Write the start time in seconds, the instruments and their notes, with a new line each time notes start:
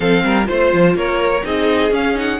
0.00 cello F3, viola C4, violin A4 F5
0.23 cello G3, violin A#4
0.43 viola F4, violin C5
0.49 cello A3
0.72 cello F3
0.94 cello A#3, violin A#4 C#5
1.42 cello C4, viola D#4, violin G#4 D#5
1.91 cello C#4, viola C#4, violin F5
2.14 viola D#4, violin F#5